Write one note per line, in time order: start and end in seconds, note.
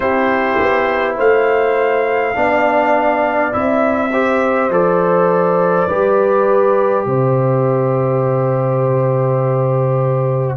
0.00 0.58 C4
0.00 2.35 E4
0.00 1.16 G4
0.00 1.15 C5
0.59 1.18 B3
1.16 2.36 A3
1.16 2.34 C5
1.16 3.53 F5
2.35 3.54 B3
2.35 3.52 D4
2.35 4.12 D5
3.52 4.69 C4
3.52 4.11 E4
3.52 4.70 E5
4.12 4.71 G4
4.12 5.87 C5
4.69 5.87 F3
4.69 5.89 A4
4.69 7.05 D5
5.87 7.05 G3
5.87 10.57 G4
5.87 7.05 B4
7.05 10.57 C3
7.05 10.57 C5
7.05 10.57 E5